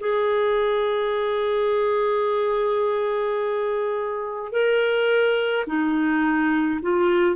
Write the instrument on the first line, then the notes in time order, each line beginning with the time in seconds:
clarinet
0.00 G#4
4.52 A#4
5.67 D#4
6.82 F4